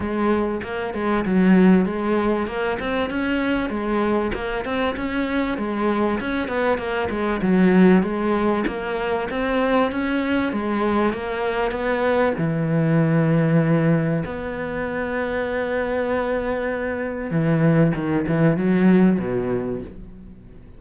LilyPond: \new Staff \with { instrumentName = "cello" } { \time 4/4 \tempo 4 = 97 gis4 ais8 gis8 fis4 gis4 | ais8 c'8 cis'4 gis4 ais8 c'8 | cis'4 gis4 cis'8 b8 ais8 gis8 | fis4 gis4 ais4 c'4 |
cis'4 gis4 ais4 b4 | e2. b4~ | b1 | e4 dis8 e8 fis4 b,4 | }